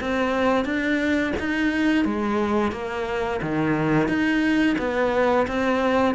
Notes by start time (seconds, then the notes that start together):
0.00 C4
0.65 D4
1.39 D#4
2.05 G#3
2.71 A#3
3.42 D#3
4.08 D#4
4.78 B3
5.47 C4